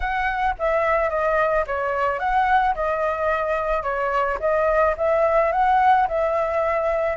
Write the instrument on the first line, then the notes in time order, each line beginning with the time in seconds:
flute
0.00 F#5
0.59 E5
1.09 D#5
1.66 C#5
2.19 F#5
2.74 D#5
3.83 C#5
4.40 D#5
4.97 E5
5.52 F#5
6.08 E5